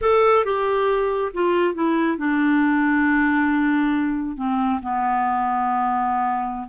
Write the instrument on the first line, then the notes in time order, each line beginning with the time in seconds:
clarinet
0.01 A4
0.44 G4
1.33 F4
1.74 E4
2.17 D4
4.36 C4
4.82 B3